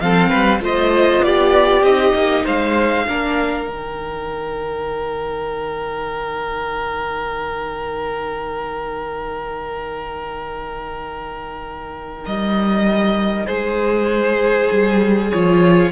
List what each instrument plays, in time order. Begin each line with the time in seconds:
0.00 cello F3, viola C4, violin A4 F5
0.30 cello G3, violin B4
0.61 cello A3, viola F4, violin C5 D#5
1.23 cello B3, violin G4 D5
1.83 cello C4, viola D#4, violin D#5
2.15 cello A#3
2.45 cello G#3, violin C5 F5
3.08 cello A#3, viola D4, violin A#4
3.68 cello D#3, viola D#4, violin G5
12.26 cello G3, violin D#5
13.46 cello G#3, violin G#4 C5
14.72 cello G3
15.31 cello F3, viola F4, violin C#5